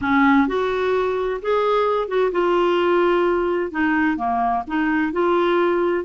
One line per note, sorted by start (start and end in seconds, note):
0.01 0.47 C#4
0.47 1.40 F#4
1.42 2.08 G#4
2.08 2.31 F#4
2.31 3.71 F4
3.71 4.16 D#4
4.16 4.63 A#3
4.67 5.12 D#4
5.12 6.04 F4